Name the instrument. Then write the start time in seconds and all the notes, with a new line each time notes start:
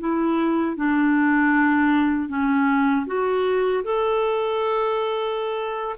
clarinet
0.00 E4
0.77 D4
2.29 C#4
3.07 F#4
3.84 A4